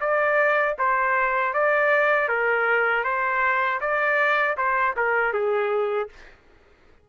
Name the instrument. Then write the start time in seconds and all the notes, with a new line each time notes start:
trumpet
0.00 D5
0.78 C5
1.53 D5
2.29 A#4
3.04 C5
3.80 D5
4.57 C5
4.96 A#4
5.33 G#4